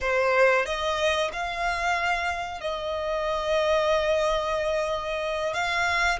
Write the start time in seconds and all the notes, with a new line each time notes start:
0.00 C5
0.65 D#5
1.33 F5
2.61 D#5
5.53 F5